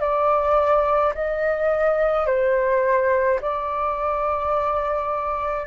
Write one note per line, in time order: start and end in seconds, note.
0.00 1.13 D5
1.15 2.26 D#5
2.26 3.40 C5
3.41 5.67 D5